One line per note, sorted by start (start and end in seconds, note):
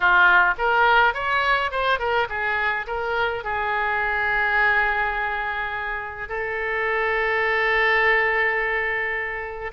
0.00 0.54 F4
0.57 1.14 A#4
1.14 1.71 C#5
1.71 1.99 C5
1.99 2.27 A#4
2.29 2.86 G#4
2.86 3.44 A#4
3.44 6.28 G#4
6.28 9.71 A4